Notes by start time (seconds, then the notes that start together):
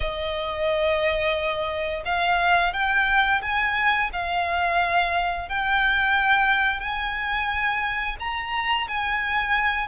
0.00 D#5
2.05 F5
2.73 G5
3.42 G#5
4.12 F5
5.48 G5
6.80 G#5
8.19 A#5
8.88 G#5